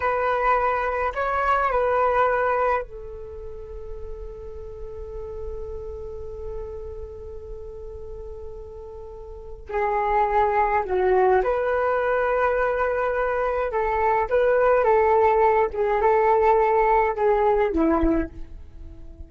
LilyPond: \new Staff \with { instrumentName = "flute" } { \time 4/4 \tempo 4 = 105 b'2 cis''4 b'4~ | b'4 a'2.~ | a'1~ | a'1~ |
a'4 gis'2 fis'4 | b'1 | a'4 b'4 a'4. gis'8 | a'2 gis'4 e'4 | }